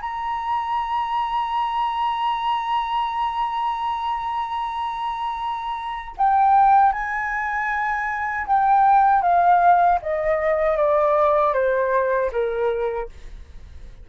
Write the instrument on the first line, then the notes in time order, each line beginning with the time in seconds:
flute
0.00 A#5
6.17 G5
6.92 G#5
8.47 G5
9.22 F5
10.02 D#5
10.77 D5
11.53 C5
12.31 A#4